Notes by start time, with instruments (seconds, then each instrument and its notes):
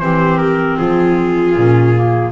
0.00 double bass E3, clarinet C4, viola G4, trumpet C5
0.38 trumpet A#4
0.78 double bass F3, viola F4, trumpet G#4
1.56 double bass A#2, clarinet C#4
1.95 clarinet A#3